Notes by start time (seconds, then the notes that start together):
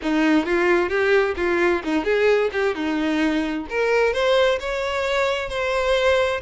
0.02 D#4
0.45 F4
0.89 G4
1.36 F4
1.83 D#4
2.04 G#4
2.52 G4
2.74 D#4
3.69 A#4
4.13 C5
4.60 C#5
5.49 C5